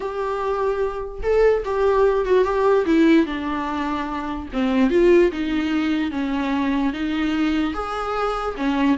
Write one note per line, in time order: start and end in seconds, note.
0.00 1.21 G4
1.22 1.63 A4
1.64 2.25 G4
2.25 2.44 F#4
2.44 2.85 G4
2.85 3.25 E4
3.25 4.48 D4
4.53 4.90 C4
4.90 5.31 F4
5.31 6.11 D#4
6.11 6.93 C#4
6.93 7.73 D#4
7.73 8.55 G#4
8.56 8.97 C#4